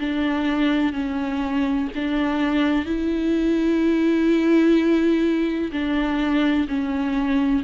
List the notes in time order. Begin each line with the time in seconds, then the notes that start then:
0.00 D4
0.93 C#4
1.96 D4
2.86 E4
5.73 D4
6.68 C#4